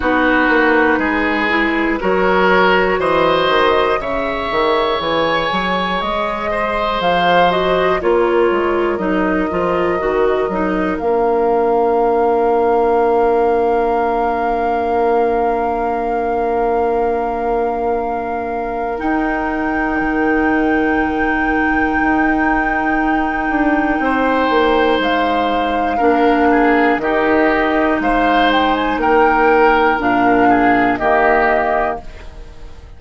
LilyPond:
<<
  \new Staff \with { instrumentName = "flute" } { \time 4/4 \tempo 4 = 60 b'2 cis''4 dis''4 | e''4 gis''4 dis''4 f''8 dis''8 | cis''4 dis''2 f''4~ | f''1~ |
f''2. g''4~ | g''1~ | g''4 f''2 dis''4 | f''8 g''16 gis''16 g''4 f''4 dis''4 | }
  \new Staff \with { instrumentName = "oboe" } { \time 4/4 fis'4 gis'4 ais'4 c''4 | cis''2~ cis''8 c''4. | ais'1~ | ais'1~ |
ais'1~ | ais'1 | c''2 ais'8 gis'8 g'4 | c''4 ais'4. gis'8 g'4 | }
  \new Staff \with { instrumentName = "clarinet" } { \time 4/4 dis'4. e'8 fis'2 | gis'2.~ gis'8 fis'8 | f'4 dis'8 f'8 fis'8 dis'8 d'4~ | d'1~ |
d'2. dis'4~ | dis'1~ | dis'2 d'4 dis'4~ | dis'2 d'4 ais4 | }
  \new Staff \with { instrumentName = "bassoon" } { \time 4/4 b8 ais8 gis4 fis4 e8 dis8 | cis8 dis8 e8 fis8 gis4 f4 | ais8 gis8 fis8 f8 dis8 fis8 ais4~ | ais1~ |
ais2. dis'4 | dis2 dis'4. d'8 | c'8 ais8 gis4 ais4 dis4 | gis4 ais4 ais,4 dis4 | }
>>